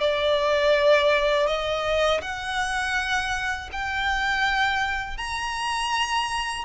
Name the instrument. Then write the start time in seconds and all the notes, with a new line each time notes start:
violin
0.00 D5
1.47 D#5
2.22 F#5
3.72 G5
5.17 A#5